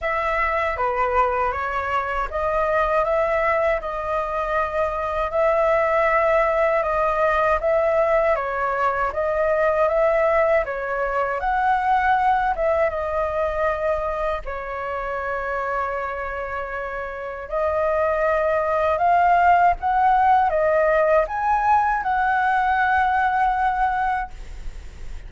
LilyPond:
\new Staff \with { instrumentName = "flute" } { \time 4/4 \tempo 4 = 79 e''4 b'4 cis''4 dis''4 | e''4 dis''2 e''4~ | e''4 dis''4 e''4 cis''4 | dis''4 e''4 cis''4 fis''4~ |
fis''8 e''8 dis''2 cis''4~ | cis''2. dis''4~ | dis''4 f''4 fis''4 dis''4 | gis''4 fis''2. | }